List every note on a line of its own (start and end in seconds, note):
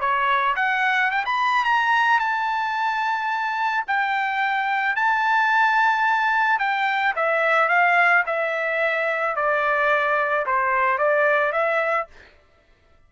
0.00 0.55 C#5
0.56 1.11 F#5
1.11 1.25 G5
1.25 1.64 B5
1.64 2.19 A#5
2.19 3.85 A5
3.87 4.96 G5
4.96 6.59 A5
6.59 7.14 G5
7.16 7.69 E5
7.69 8.24 F5
8.26 9.36 E5
9.36 10.46 D5
10.46 10.98 C5
10.98 11.52 D5
11.52 12.07 E5